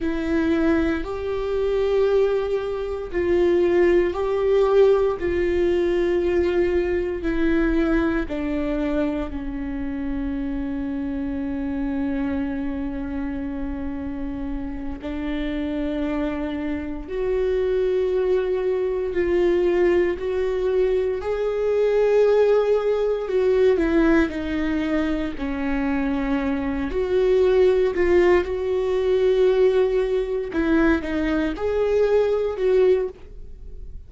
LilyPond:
\new Staff \with { instrumentName = "viola" } { \time 4/4 \tempo 4 = 58 e'4 g'2 f'4 | g'4 f'2 e'4 | d'4 cis'2.~ | cis'2~ cis'8 d'4.~ |
d'8 fis'2 f'4 fis'8~ | fis'8 gis'2 fis'8 e'8 dis'8~ | dis'8 cis'4. fis'4 f'8 fis'8~ | fis'4. e'8 dis'8 gis'4 fis'8 | }